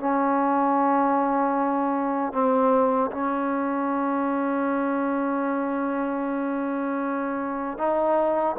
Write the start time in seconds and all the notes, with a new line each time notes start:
0.00 C#4
2.33 C4
3.12 C#4
7.79 D#4